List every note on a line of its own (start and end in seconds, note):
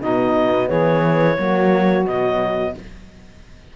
0.00 0.70 B2
0.00 1.38 B3
0.00 0.68 D#4
0.00 0.69 D#5
0.68 1.38 E3
0.68 1.36 G#4
0.68 2.05 C#5
1.38 2.06 F#3
1.38 2.06 A#3
1.38 2.75 F#4
2.06 2.74 B2
2.06 2.76 F#3
2.06 2.75 D#5